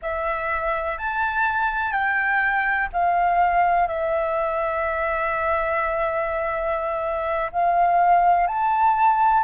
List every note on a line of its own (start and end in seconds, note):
0.01 0.98 E5
0.98 1.91 A5
1.91 2.88 G5
2.93 3.87 F5
3.87 7.50 E5
7.52 8.47 F5
8.47 9.44 A5